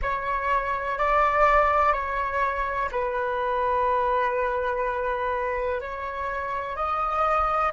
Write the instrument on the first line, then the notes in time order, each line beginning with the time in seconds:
flute
0.01 C#5
0.98 D5
1.93 C#5
2.91 B4
5.80 C#5
6.75 D#5